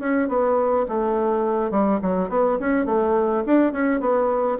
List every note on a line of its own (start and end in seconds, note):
0.00 0.29 C#4
0.29 0.87 B3
0.89 1.72 A3
1.72 2.00 G3
2.02 2.30 F#3
2.30 2.59 B3
2.60 2.86 C#4
2.86 3.44 A3
3.46 3.73 D4
3.73 4.01 C#4
4.01 4.58 B3